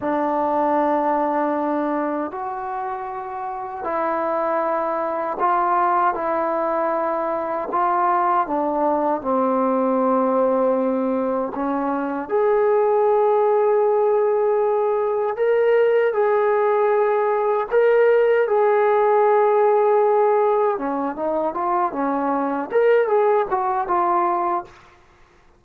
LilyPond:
\new Staff \with { instrumentName = "trombone" } { \time 4/4 \tempo 4 = 78 d'2. fis'4~ | fis'4 e'2 f'4 | e'2 f'4 d'4 | c'2. cis'4 |
gis'1 | ais'4 gis'2 ais'4 | gis'2. cis'8 dis'8 | f'8 cis'4 ais'8 gis'8 fis'8 f'4 | }